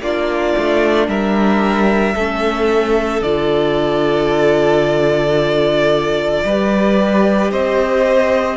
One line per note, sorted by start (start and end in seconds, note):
0.00 0.54 A#3
0.00 2.17 D4
0.00 1.08 F4
0.00 1.09 D5
0.58 1.07 A3
1.07 2.15 G3
1.07 2.15 A#4
1.07 3.22 E5
2.15 3.21 A3
2.15 3.25 C#4
2.15 6.43 A4
3.21 6.43 D3
3.21 6.46 F4
3.21 7.51 D5
6.44 7.51 G3
6.44 8.56 G4
6.44 7.51 B4
7.51 8.56 C4
7.51 8.56 C5
7.51 8.56 D#5